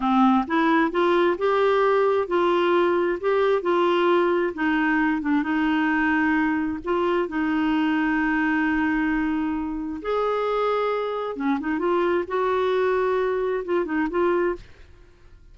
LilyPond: \new Staff \with { instrumentName = "clarinet" } { \time 4/4 \tempo 4 = 132 c'4 e'4 f'4 g'4~ | g'4 f'2 g'4 | f'2 dis'4. d'8 | dis'2. f'4 |
dis'1~ | dis'2 gis'2~ | gis'4 cis'8 dis'8 f'4 fis'4~ | fis'2 f'8 dis'8 f'4 | }